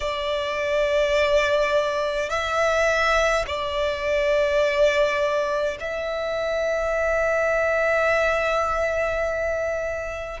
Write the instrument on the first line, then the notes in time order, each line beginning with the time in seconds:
violin
0.00 D5
2.29 E5
3.46 D5
5.80 E5